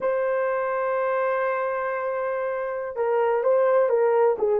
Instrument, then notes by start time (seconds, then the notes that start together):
horn
0.00 C5
2.96 A#4
3.43 C5
3.89 A#4
4.38 G#4